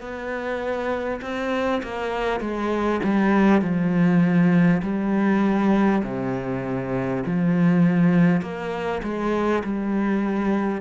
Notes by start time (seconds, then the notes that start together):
0.00 B3
1.21 C4
1.83 A#3
2.40 G#3
3.03 G3
3.62 F3
4.82 G3
6.03 C3
7.25 F3
8.41 A#3
9.03 G#3
9.64 G3